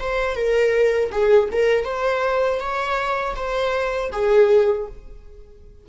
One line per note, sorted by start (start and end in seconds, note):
0.00 0.36 C5
0.36 1.11 A#4
1.12 1.50 G#4
1.52 1.85 A#4
1.85 2.60 C5
2.60 3.35 C#5
3.36 4.11 C5
4.12 4.88 G#4